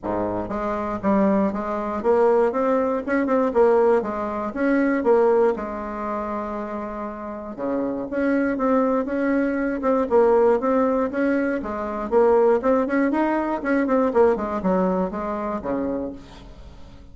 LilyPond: \new Staff \with { instrumentName = "bassoon" } { \time 4/4 \tempo 4 = 119 gis,4 gis4 g4 gis4 | ais4 c'4 cis'8 c'8 ais4 | gis4 cis'4 ais4 gis4~ | gis2. cis4 |
cis'4 c'4 cis'4. c'8 | ais4 c'4 cis'4 gis4 | ais4 c'8 cis'8 dis'4 cis'8 c'8 | ais8 gis8 fis4 gis4 cis4 | }